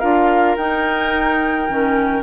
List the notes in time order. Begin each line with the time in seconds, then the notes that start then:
0.00 D4 F4 A#4 F5
0.57 D#4 G5
1.69 D#3 C#4